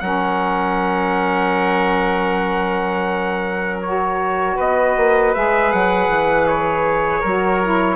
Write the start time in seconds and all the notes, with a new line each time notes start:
0.00 F#3 C#4 A#4 F#5
3.81 F#4 C#5
4.56 B3 B4 D#5
4.96 A#3
5.34 G#3 G#4 E5
5.72 F#3 F#5
6.08 E3
6.47 C#5
7.21 F#3 F#4 A#4
7.64 E4